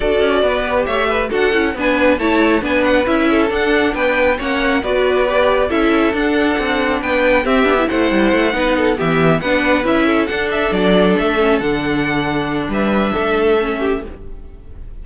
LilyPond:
<<
  \new Staff \with { instrumentName = "violin" } { \time 4/4 \tempo 4 = 137 d''2 e''4 fis''4 | gis''4 a''4 gis''8 fis''8 e''4 | fis''4 g''4 fis''4 d''4~ | d''4 e''4 fis''2 |
g''4 e''4 fis''2~ | fis''8 e''4 fis''4 e''4 fis''8 | e''8 d''4 e''4 fis''4.~ | fis''4 e''2. | }
  \new Staff \with { instrumentName = "violin" } { \time 4/4 a'4 b'4 cis''8 b'8 a'4 | b'4 cis''4 b'4. a'8~ | a'4 b'4 cis''4 b'4~ | b'4 a'2. |
b'4 g'4 c''4. b'8 | a'8 g'4 b'4. a'4~ | a'1~ | a'4 b'4 a'4. g'8 | }
  \new Staff \with { instrumentName = "viola" } { \time 4/4 fis'4. g'4. fis'8 e'8 | d'4 e'4 d'4 e'4 | d'2 cis'4 fis'4 | g'4 e'4 d'2~ |
d'4 c'8 d'16 e'4.~ e'16 dis'8~ | dis'8 b4 d'4 e'4 d'8~ | d'2 cis'8 d'4.~ | d'2. cis'4 | }
  \new Staff \with { instrumentName = "cello" } { \time 4/4 d'8 cis'8 b4 a4 d'8 cis'8 | b4 a4 b4 cis'4 | d'4 b4 ais4 b4~ | b4 cis'4 d'4 c'4 |
b4 c'8 b8 a8 g8 a8 b8~ | b8 e4 b4 cis'4 d'8~ | d'8 fis4 a4 d4.~ | d4 g4 a2 | }
>>